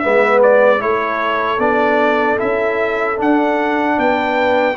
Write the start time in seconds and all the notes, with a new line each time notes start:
0.00 G#3 B3 B4 E5
0.43 D5
0.80 A3 E4 A4 C#5
1.59 B3 D4 D5
2.38 C#4 E4 E5
3.17 D4 F#5
3.99 B3 B4 G5